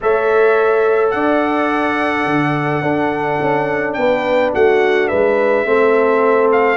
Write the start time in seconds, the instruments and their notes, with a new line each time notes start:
0.00 tuba A3, trombone A4, horn C#5, trumpet E5
1.10 tuba D4, horn D5, trumpet F#5
2.25 tuba D3
2.81 tuba D4, trombone D4, horn A4
3.41 tuba C#4
3.93 tuba B3, horn B4, trumpet G5
4.54 tuba A3, horn F#4, trumpet F#5
5.08 tuba G#3, horn B4, trumpet E5
5.64 tuba A3, trombone C4, horn A4
6.52 trumpet F5